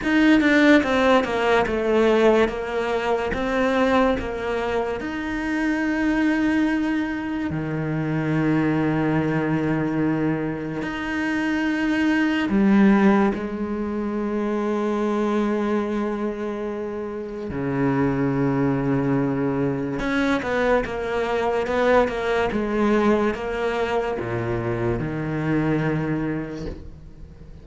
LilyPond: \new Staff \with { instrumentName = "cello" } { \time 4/4 \tempo 4 = 72 dis'8 d'8 c'8 ais8 a4 ais4 | c'4 ais4 dis'2~ | dis'4 dis2.~ | dis4 dis'2 g4 |
gis1~ | gis4 cis2. | cis'8 b8 ais4 b8 ais8 gis4 | ais4 ais,4 dis2 | }